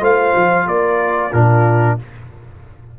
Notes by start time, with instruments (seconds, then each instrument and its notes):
0.00 tuba A3, trombone F4, horn C5, trumpet F5
0.35 tuba F3
0.66 tuba A#3, horn A#4, trumpet D5
1.31 tuba A#2, trombone D4, horn F4, trumpet A#4